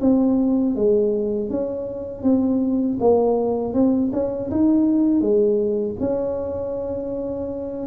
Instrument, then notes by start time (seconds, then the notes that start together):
tuba
0.00 C4
0.75 G#3
1.50 C#4
2.22 C4
3.00 A#3
3.73 C4
4.12 C#4
4.50 D#4
5.21 G#3
5.99 C#4